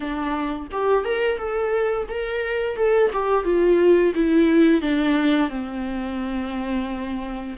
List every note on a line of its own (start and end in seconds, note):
0.00 0.67 D4
0.71 1.05 G4
1.05 1.38 A#4
1.38 2.07 A4
2.08 2.76 A#4
2.76 3.10 A4
3.12 3.44 G4
3.44 4.13 F4
4.14 4.81 E4
4.81 5.49 D4
5.49 7.56 C4